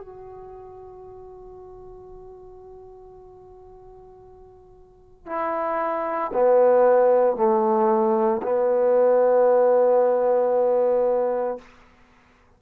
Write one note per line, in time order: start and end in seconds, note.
0.00 5.26 F#4
5.26 6.32 E4
6.33 7.36 B3
7.36 8.42 A3
8.43 11.58 B3